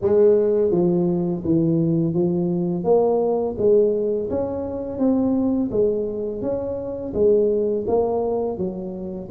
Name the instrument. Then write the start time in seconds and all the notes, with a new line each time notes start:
tuba
0.01 G#3
0.71 F3
1.44 E3
2.14 F3
2.84 A#3
3.57 G#3
4.30 C#4
4.98 C4
5.71 G#3
6.41 C#4
7.13 G#3
7.87 A#3
8.57 F#3